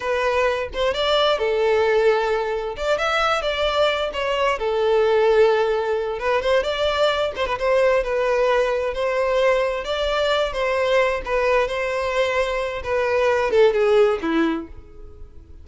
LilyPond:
\new Staff \with { instrumentName = "violin" } { \time 4/4 \tempo 4 = 131 b'4. c''8 d''4 a'4~ | a'2 d''8 e''4 d''8~ | d''4 cis''4 a'2~ | a'4. b'8 c''8 d''4. |
c''16 b'16 c''4 b'2 c''8~ | c''4. d''4. c''4~ | c''8 b'4 c''2~ c''8 | b'4. a'8 gis'4 e'4 | }